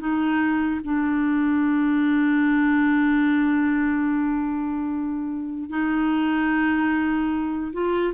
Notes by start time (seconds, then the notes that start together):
0.00 D#4
0.85 D4
5.70 D#4
7.73 F4